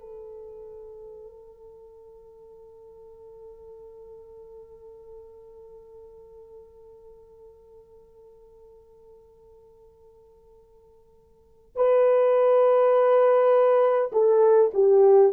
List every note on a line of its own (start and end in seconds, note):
0.00 11.76 A4
11.76 14.11 B4
14.12 14.71 A4
14.74 15.33 G4